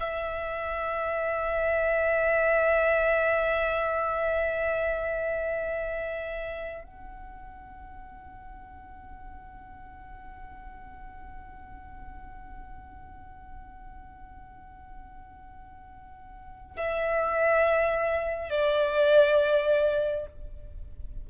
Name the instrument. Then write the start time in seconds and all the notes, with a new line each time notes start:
violin
0.00 E5
6.84 F#5
16.76 E5
18.50 D5